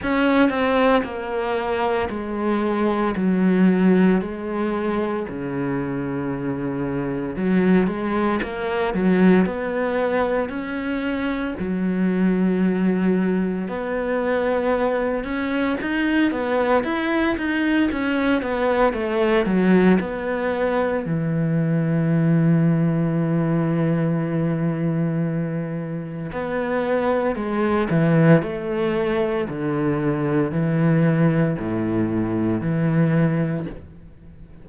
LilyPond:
\new Staff \with { instrumentName = "cello" } { \time 4/4 \tempo 4 = 57 cis'8 c'8 ais4 gis4 fis4 | gis4 cis2 fis8 gis8 | ais8 fis8 b4 cis'4 fis4~ | fis4 b4. cis'8 dis'8 b8 |
e'8 dis'8 cis'8 b8 a8 fis8 b4 | e1~ | e4 b4 gis8 e8 a4 | d4 e4 a,4 e4 | }